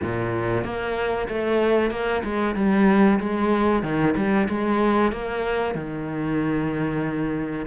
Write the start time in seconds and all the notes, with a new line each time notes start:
0.02 A#2
0.64 A#3
1.28 A3
1.91 A#3
2.23 G#3
2.55 G3
3.19 G#3
3.83 D#3
4.16 G3
4.49 G#3
5.12 A#3
5.74 D#3